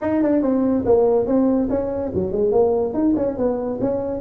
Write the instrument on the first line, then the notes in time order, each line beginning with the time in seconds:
tuba
0.01 D#4
0.22 D4
0.42 C4
0.85 A#3
1.26 C4
1.69 C#4
2.14 F#3
2.32 G#3
2.51 A#3
2.93 D#4
3.16 C#4
3.37 B3
3.80 C#4